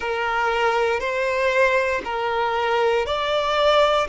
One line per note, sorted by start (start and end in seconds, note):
0.00 0.99 A#4
0.99 2.01 C5
2.04 3.06 A#4
3.06 4.07 D5